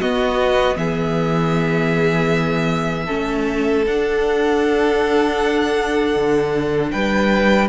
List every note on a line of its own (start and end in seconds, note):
0.00 3.08 B3
0.00 0.76 B3
0.00 0.77 F#4
0.00 0.77 D#5
0.76 3.07 E3
0.76 3.06 G#4
0.76 3.85 E5
3.06 3.86 A3
3.06 3.84 C#4
3.06 6.90 A4
3.86 6.16 D4
3.86 7.69 D4
3.86 6.91 F#5
6.16 6.93 D3
6.91 7.69 G3
6.91 7.69 B4
6.91 7.68 G5